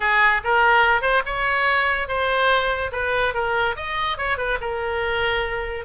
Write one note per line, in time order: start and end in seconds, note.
0.00 0.41 G#4
0.44 1.01 A#4
1.01 1.22 C5
1.25 2.07 C#5
2.07 2.91 C5
2.92 3.33 B4
3.34 3.75 A#4
3.76 4.17 D#5
4.17 4.37 C#5
4.37 4.58 B4
4.60 5.85 A#4